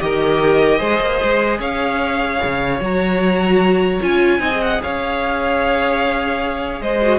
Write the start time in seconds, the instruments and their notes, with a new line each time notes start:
0.00 cello D#3, viola G4, violin A#4 D#5
0.79 cello G#3, viola G#4, violin C5
1.01 cello A#3
1.24 cello G#3
1.60 cello C#4, violin C#5 F5
2.44 cello C#3
2.80 cello F#3, viola F#4, violin A#5
4.02 cello C#4, viola F4, violin G#5
4.40 cello C4, viola D#4, violin D#5
4.52 viola G#4
4.62 violin F#5
4.83 cello C#4, violin C#5 F5
6.82 cello G#3, violin C5 D#5
7.03 viola F#4